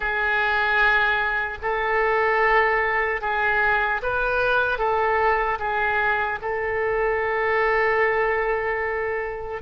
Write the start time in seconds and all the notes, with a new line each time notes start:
0.00 G#4
1.62 A4
3.21 G#4
4.02 B4
4.78 A4
5.59 G#4
6.41 A4